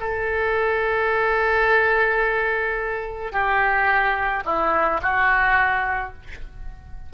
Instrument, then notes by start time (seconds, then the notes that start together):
oboe
0.00 A4
3.32 G4
4.44 E4
5.02 F#4